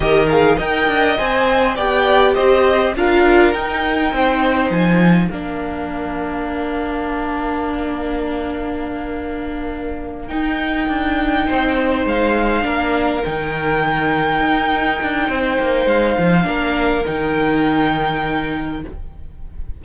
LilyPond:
<<
  \new Staff \with { instrumentName = "violin" } { \time 4/4 \tempo 4 = 102 dis''8 f''8 g''4 gis''4 g''4 | dis''4 f''4 g''2 | gis''4 f''2.~ | f''1~ |
f''4. g''2~ g''8~ | g''8 f''2 g''4.~ | g''2. f''4~ | f''4 g''2. | }
  \new Staff \with { instrumentName = "violin" } { \time 4/4 ais'4 dis''2 d''4 | c''4 ais'2 c''4~ | c''4 ais'2.~ | ais'1~ |
ais'2.~ ais'8 c''8~ | c''4. ais'2~ ais'8~ | ais'2 c''2 | ais'1 | }
  \new Staff \with { instrumentName = "viola" } { \time 4/4 g'8 gis'8 ais'4 c''4 g'4~ | g'4 f'4 dis'2~ | dis'4 d'2.~ | d'1~ |
d'4. dis'2~ dis'8~ | dis'4. d'4 dis'4.~ | dis'1 | d'4 dis'2. | }
  \new Staff \with { instrumentName = "cello" } { \time 4/4 dis4 dis'8 d'8 c'4 b4 | c'4 d'4 dis'4 c'4 | f4 ais2.~ | ais1~ |
ais4. dis'4 d'4 c'8~ | c'8 gis4 ais4 dis4.~ | dis8 dis'4 d'8 c'8 ais8 gis8 f8 | ais4 dis2. | }
>>